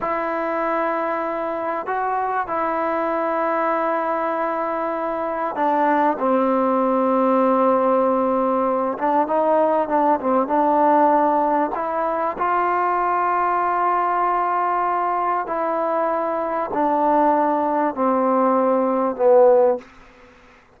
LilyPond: \new Staff \with { instrumentName = "trombone" } { \time 4/4 \tempo 4 = 97 e'2. fis'4 | e'1~ | e'4 d'4 c'2~ | c'2~ c'8 d'8 dis'4 |
d'8 c'8 d'2 e'4 | f'1~ | f'4 e'2 d'4~ | d'4 c'2 b4 | }